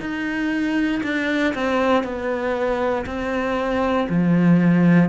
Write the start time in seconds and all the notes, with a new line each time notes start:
0.00 D#4
1.04 D4
1.54 C4
2.04 B3
3.06 C4
4.10 F3